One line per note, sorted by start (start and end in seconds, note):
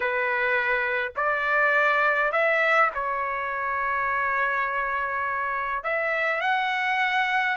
0.00 1.12 B4
1.16 2.31 D5
2.31 2.90 E5
2.94 5.83 C#5
5.83 6.40 E5
6.40 7.56 F#5